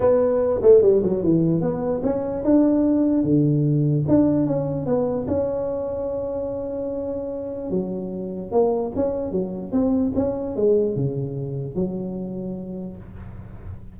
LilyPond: \new Staff \with { instrumentName = "tuba" } { \time 4/4 \tempo 4 = 148 b4. a8 g8 fis8 e4 | b4 cis'4 d'2 | d2 d'4 cis'4 | b4 cis'2.~ |
cis'2. fis4~ | fis4 ais4 cis'4 fis4 | c'4 cis'4 gis4 cis4~ | cis4 fis2. | }